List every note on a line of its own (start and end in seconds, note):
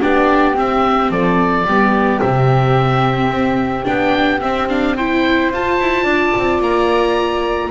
0.00 0.56 B3
0.00 0.54 D4
0.00 1.12 G4
0.00 0.55 D5
0.54 1.64 C4
0.54 1.10 C4
0.54 1.11 E5
1.10 1.65 F3
1.10 1.66 A4
1.10 2.21 D5
1.65 2.20 G3
1.65 2.22 B3
1.65 4.96 G4
2.21 3.29 C3
2.21 3.84 C4
2.21 3.86 E5
3.29 3.84 C4
3.84 4.43 B3
3.84 4.39 D4
3.84 4.40 G5
4.40 4.68 C4
4.40 5.51 C4
4.40 4.68 E5
4.69 4.96 D4
4.69 4.96 F5
4.96 5.54 E4
4.96 6.03 C5
4.96 5.51 G5
5.51 5.79 F4
5.51 7.71 F4
5.51 6.62 A5
5.79 6.04 E4
6.03 6.31 D4
6.03 7.68 D5
6.37 6.60 C4
6.60 7.70 A#3
6.60 7.71 A#5